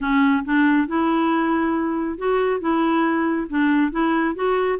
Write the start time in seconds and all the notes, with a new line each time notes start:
0.00 C#4
0.45 D4
0.87 E4
2.18 F#4
2.60 E4
3.49 D4
3.91 E4
4.35 F#4